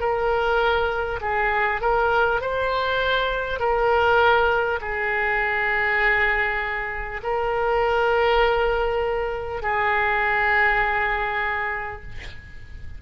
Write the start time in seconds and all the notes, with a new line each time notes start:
0.00 A#4
1.21 G#4
1.82 A#4
2.41 C5
3.59 A#4
4.82 G#4
7.23 A#4
9.62 G#4